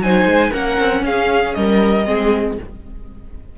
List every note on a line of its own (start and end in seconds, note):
0.00 0.26 F#3
0.00 0.53 D#4
0.00 0.51 C5
0.00 0.53 G#5
0.26 0.51 G#3
0.51 0.79 A#3
0.51 2.05 C#4
0.51 1.02 A#4
0.51 1.04 F#5
0.79 1.03 C4
1.03 1.54 C#4
1.03 1.57 G#4
1.03 1.54 F5
1.54 2.07 G3
1.54 2.07 A#4
1.54 2.57 D#5
2.05 2.59 G#3
2.05 2.57 C4
2.05 2.58 G#4